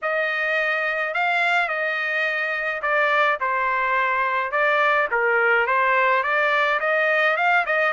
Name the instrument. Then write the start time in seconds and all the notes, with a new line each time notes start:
trumpet
0.02 D#5
1.14 F5
1.68 D#5
2.81 D5
3.40 C5
4.51 D5
5.11 A#4
5.67 C5
6.23 D5
6.80 D#5
7.36 F5
7.66 D#5